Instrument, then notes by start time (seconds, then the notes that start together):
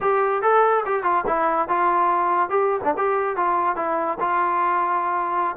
trombone
0.00 G4
0.42 A4
0.85 G4
1.03 F4
1.26 E4
1.68 F4
2.49 G4
2.84 D4
2.97 G4
3.36 F4
3.76 E4
4.19 F4